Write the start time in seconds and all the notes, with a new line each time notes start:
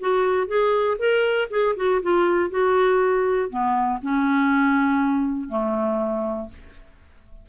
0.00 F#4
0.47 G#4
0.98 A#4
1.50 G#4
1.76 F#4
2.02 F4
2.50 F#4
3.50 B3
4.02 C#4
5.49 A3